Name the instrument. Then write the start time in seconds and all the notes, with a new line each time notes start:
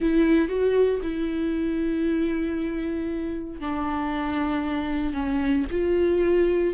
viola
0.00 E4
0.48 F#4
1.02 E4
3.60 D4
5.13 C#4
5.71 F4